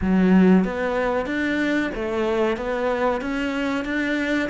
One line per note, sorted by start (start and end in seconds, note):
0.01 0.64 F#3
0.64 1.26 B3
1.26 1.90 D4
1.94 2.56 A3
2.56 3.21 B3
3.21 3.84 C#4
3.84 4.49 D4